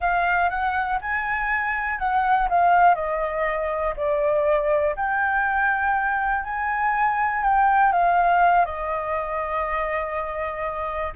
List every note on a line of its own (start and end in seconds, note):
0.00 0.49 F5
0.49 0.99 F#5
1.01 1.98 G#5
1.98 2.48 F#5
2.49 2.94 F5
2.94 3.94 D#5
3.96 4.95 D5
4.96 6.43 G5
6.43 7.43 G#5
7.43 7.92 G5
7.92 8.65 F5
8.65 11.13 D#5